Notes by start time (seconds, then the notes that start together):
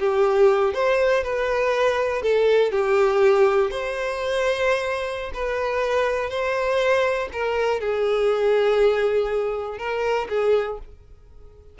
0.00 G4
0.74 C5
1.24 B4
2.22 A4
2.72 G4
3.71 C5
5.34 B4
6.30 C5
7.33 A#4
7.81 G#4
9.79 A#4
10.29 G#4